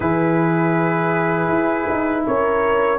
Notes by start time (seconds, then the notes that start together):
0.00 E3 E4 G#4 B4
1.48 E4
1.89 D#4
2.25 C#4 A#4 C#5